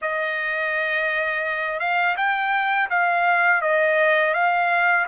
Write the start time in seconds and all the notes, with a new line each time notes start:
0.01 D#5
1.79 F5
2.17 G5
2.89 F5
3.61 D#5
4.34 F5